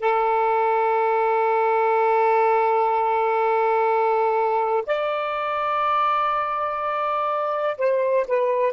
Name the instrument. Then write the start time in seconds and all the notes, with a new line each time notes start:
saxophone
0.00 A4
4.87 D5
7.78 C5
8.27 B4